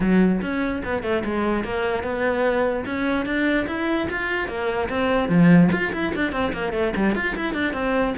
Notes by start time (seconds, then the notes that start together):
0.00 F#3
0.41 C#4
0.84 B3
1.02 A3
1.24 G#3
1.64 A#3
2.03 B3
2.85 C#4
3.25 D4
3.67 E4
4.10 F4
4.47 A#3
4.89 C4
5.28 F3
5.72 F4
5.92 E4
6.15 D4
6.32 C4
6.53 A#3
6.73 A3
6.96 G3
7.15 F4
7.36 E4
7.53 D4
7.73 C4